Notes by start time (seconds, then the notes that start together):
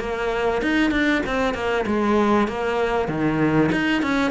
0.00 A#3
0.62 D#4
0.91 D4
1.27 C4
1.54 A#3
1.87 G#3
2.48 A#3
3.09 D#3
3.72 D#4
4.03 C#4